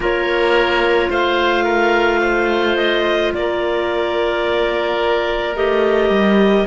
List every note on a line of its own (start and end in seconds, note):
0.00 1.08 A#3
0.00 5.55 F4
0.00 1.09 A#4
0.00 1.12 C#5
1.09 3.32 A3
1.09 1.64 C5
1.09 2.76 F5
1.64 2.20 A#4
2.21 3.32 C5
2.76 3.32 D#5
3.34 5.56 A#3
3.34 6.67 A#4
3.34 5.56 D5
5.55 6.09 A3
5.55 6.66 G4
5.55 6.67 D#5
6.09 6.65 G3